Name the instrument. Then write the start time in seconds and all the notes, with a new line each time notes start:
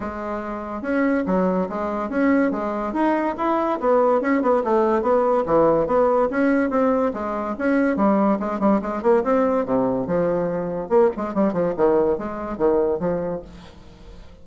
bassoon
0.00 G#3
0.82 C#4
1.26 F#3
1.69 G#3
2.09 C#4
2.51 G#3
2.93 D#4
3.37 E4
3.80 B3
4.21 C#4
4.42 B3
4.64 A3
5.02 B3
5.45 E3
5.86 B3
6.30 C#4
6.70 C4
7.13 G#3
7.58 C#4
7.96 G3
8.39 G#3
8.59 G3
8.81 G#3
9.02 A#3
9.23 C4
9.65 C3
10.06 F3
10.89 A#3
11.16 G#3
11.34 G3
11.53 F3
11.76 D#3
12.18 G#3
12.57 D#3
12.99 F3